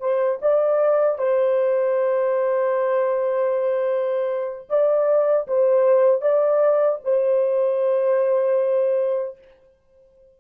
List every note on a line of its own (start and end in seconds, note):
0.00 0.39 C5
0.41 1.18 D5
1.18 4.69 C5
4.69 5.47 D5
5.47 6.21 C5
6.21 6.99 D5
7.04 9.38 C5